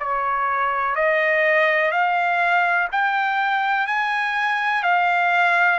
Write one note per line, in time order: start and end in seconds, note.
0.00 0.96 C#5
0.96 1.92 D#5
1.92 2.89 F5
2.92 3.88 G5
3.88 4.83 G#5
4.83 5.80 F5